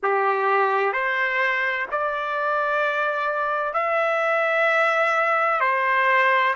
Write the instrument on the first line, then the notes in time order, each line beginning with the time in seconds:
trumpet
0.03 G4
0.92 C5
1.91 D5
3.73 E5
5.60 C5